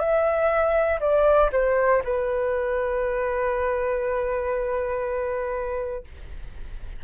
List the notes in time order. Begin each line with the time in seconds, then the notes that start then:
0.00 E5
1.01 D5
1.52 C5
2.05 B4